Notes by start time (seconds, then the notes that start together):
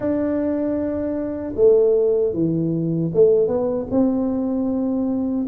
0.00 D4
1.55 A3
2.33 E3
3.14 A3
3.47 B3
3.90 C4